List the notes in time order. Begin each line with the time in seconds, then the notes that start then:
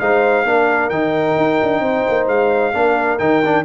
0.00 G#3 D#4 C5 F5
0.44 A#3 D4 A#4
0.90 D#3 D#4 G5
1.38 D#4
1.63 D4
1.80 C4 C5
2.09 A#3
2.28 G#3 F5
2.74 A#3 D4 A#4
3.19 D#3 D#4 G5
3.46 D4